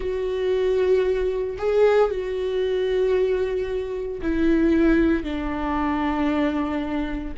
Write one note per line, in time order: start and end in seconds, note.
0.00 1.57 F#4
1.57 2.10 G#4
2.10 4.21 F#4
4.22 5.23 E4
5.23 7.34 D4